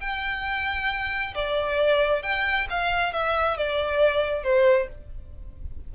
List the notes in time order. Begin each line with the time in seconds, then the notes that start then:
0.00 G5
1.34 D5
2.22 G5
2.70 F5
3.13 E5
3.57 D5
4.43 C5